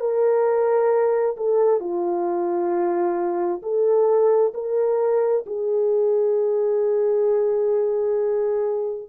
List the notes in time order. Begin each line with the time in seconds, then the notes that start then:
0.00 A#4
1.37 A4
1.80 F4
3.62 A4
4.55 A#4
5.47 G#4